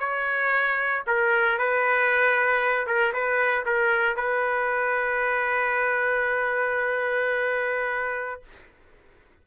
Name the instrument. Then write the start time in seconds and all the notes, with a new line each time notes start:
trumpet
0.00 C#5
1.07 A#4
1.59 B4
2.87 A#4
3.14 B4
3.66 A#4
4.17 B4